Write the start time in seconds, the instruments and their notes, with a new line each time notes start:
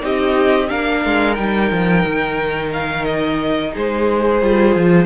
0.00 cello C4, viola D#4, violin G4 D#5
0.68 cello A#3, viola D4, violin A#4 F5
1.05 cello G#3
1.35 cello G3, viola D#4, violin G5
1.71 cello F3
2.06 cello D#3
2.72 violin F5
3.04 violin D#5
3.73 cello G#3, violin G#4 C5
4.42 cello G3, viola F4
4.75 cello F3